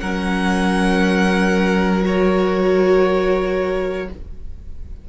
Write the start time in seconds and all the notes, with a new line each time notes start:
0.00 F#3 C#4 A#4 F#5
2.03 F#4 C#5